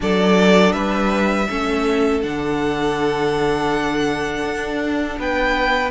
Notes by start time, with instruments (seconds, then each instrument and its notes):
0.00 cello F#3, viola D4, violin A4 D5
0.72 cello G3, violin B4 E5
1.49 cello A3, viola C#4, violin A4
2.22 cello D3, viola D4, violin F#5
4.44 cello D4
5.18 cello B3, violin B4 G5